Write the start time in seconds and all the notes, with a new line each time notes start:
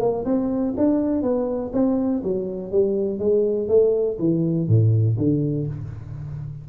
0.00 A#3
0.25 C4
0.77 D4
1.22 B3
1.73 C4
2.24 F#3
2.72 G3
3.19 G#3
3.68 A3
4.19 E3
4.68 A2
5.18 D3